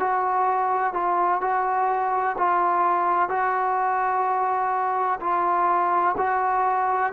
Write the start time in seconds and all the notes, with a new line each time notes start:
0.00 F#4
0.94 F4
1.42 F#4
2.38 F4
3.29 F#4
5.20 F4
6.18 F#4